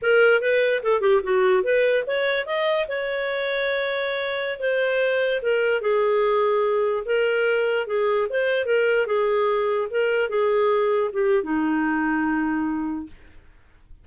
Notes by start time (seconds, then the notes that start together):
0.01 A#4
0.41 B4
0.83 A4
1.00 G4
1.23 F#4
1.63 B4
2.06 C#5
2.45 D#5
2.88 C#5
4.59 C5
5.42 A#4
5.81 G#4
7.05 A#4
7.86 G#4
8.29 C5
8.65 A#4
9.06 G#4
9.90 A#4
10.29 G#4
11.12 G4
11.43 D#4